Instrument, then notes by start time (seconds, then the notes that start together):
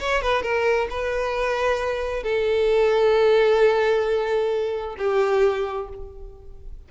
violin
0.00 C#5
0.23 B4
0.43 A#4
0.90 B4
2.24 A4
4.98 G4